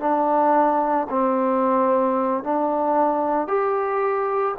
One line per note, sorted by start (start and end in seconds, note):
0.00 1.07 D4
1.10 2.44 C4
2.44 3.48 D4
3.48 4.55 G4